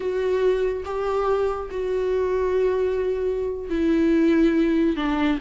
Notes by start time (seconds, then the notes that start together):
0.00 F#4
0.85 G4
1.70 F#4
3.69 E4
4.96 D4